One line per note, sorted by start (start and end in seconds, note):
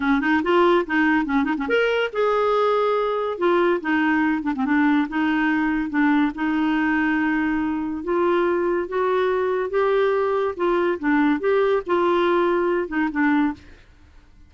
0.00 0.20 C#4
0.20 0.41 D#4
0.43 0.85 F4
0.86 1.25 D#4
1.25 1.44 C#4
1.44 1.55 D#4
1.57 1.68 C#4
1.68 2.10 A#4
2.12 3.38 G#4
3.38 3.80 F4
3.80 4.42 D#4
4.42 4.52 D4
4.55 4.65 C4
4.65 5.07 D4
5.08 5.89 D#4
5.89 6.32 D4
6.35 8.03 D#4
8.03 8.88 F4
8.88 9.70 F#4
9.70 10.54 G4
10.56 10.98 F4
10.99 11.40 D4
11.40 11.82 G4
11.86 12.88 F4
12.88 13.09 D#4
13.11 13.53 D4